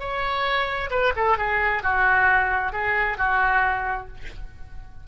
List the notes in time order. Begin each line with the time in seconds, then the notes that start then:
0.00 C#5
0.91 B4
1.16 A4
1.38 G#4
1.83 F#4
2.73 G#4
3.18 F#4